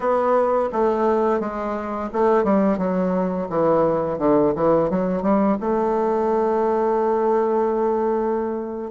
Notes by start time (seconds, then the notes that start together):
0.00 B3
0.72 A3
1.40 G#3
2.12 A3
2.44 G3
2.77 F#3
3.49 E3
4.18 D3
4.55 E3
4.90 F#3
5.22 G3
5.60 A3